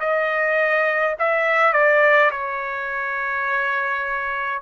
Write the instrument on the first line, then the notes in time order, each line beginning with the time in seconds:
trumpet
0.00 D#5
1.19 E5
1.73 D5
2.31 C#5